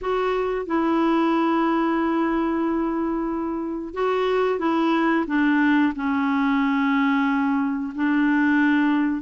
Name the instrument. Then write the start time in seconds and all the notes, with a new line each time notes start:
clarinet
0.01 F#4
0.66 E4
3.94 F#4
4.59 E4
5.27 D4
5.95 C#4
7.95 D4